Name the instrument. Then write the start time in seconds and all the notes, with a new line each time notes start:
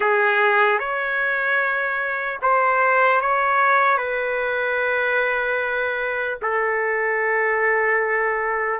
trumpet
0.00 G#4
0.79 C#5
2.42 C5
3.21 C#5
3.97 B4
6.41 A4